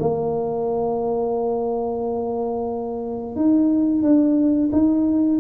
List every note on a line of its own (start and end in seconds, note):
0.00 3.36 A#3
3.36 4.03 D#4
4.03 4.70 D4
4.73 5.40 D#4